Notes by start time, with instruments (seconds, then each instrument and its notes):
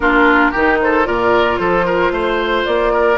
0.00 bassoon A#3, clarinet D4, oboe F4, flute A#4
0.51 bassoon D#3, clarinet D#4, oboe G4
0.81 oboe A4, flute C5
1.03 bassoon A#2, clarinet F4, oboe A#4, flute D5
1.57 bassoon F3, oboe A4, flute C5
1.85 oboe A#4
2.10 bassoon A3, oboe C5
2.64 bassoon A#3, flute D5
2.92 oboe A#4